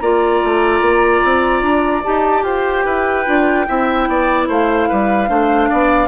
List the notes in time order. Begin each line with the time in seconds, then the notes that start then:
0.00 A#3 F4 D5 A#5
0.44 A3
0.81 A#3
1.24 C4
1.62 D4
2.04 D#4 G4 A5
2.43 F4 C5 G5
2.85 E4 B4
3.26 D4 F4
3.68 C4 E4 E5
4.09 B3 D5
4.48 A3 C5 F5
4.89 G3 B4
5.28 A3 D4 C5
5.70 B3 D5